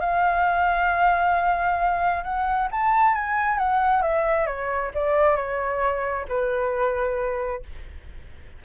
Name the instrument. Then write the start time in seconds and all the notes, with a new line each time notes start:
flute
0.00 F5
2.24 F#5
2.71 A5
3.14 G#5
3.58 F#5
4.02 E5
4.47 C#5
4.95 D5
5.36 C#5
6.28 B4